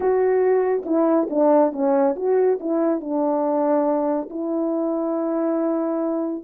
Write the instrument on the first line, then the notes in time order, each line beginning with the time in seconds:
horn
0.00 F#4
0.85 E4
1.30 D4
1.72 C#4
2.16 F#4
2.59 E4
3.00 D4
4.30 E4